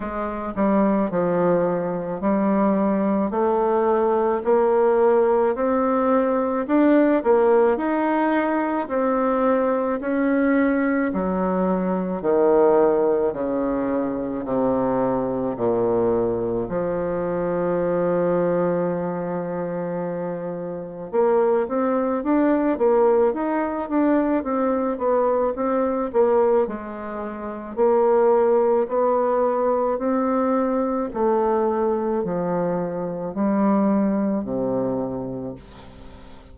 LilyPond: \new Staff \with { instrumentName = "bassoon" } { \time 4/4 \tempo 4 = 54 gis8 g8 f4 g4 a4 | ais4 c'4 d'8 ais8 dis'4 | c'4 cis'4 fis4 dis4 | cis4 c4 ais,4 f4~ |
f2. ais8 c'8 | d'8 ais8 dis'8 d'8 c'8 b8 c'8 ais8 | gis4 ais4 b4 c'4 | a4 f4 g4 c4 | }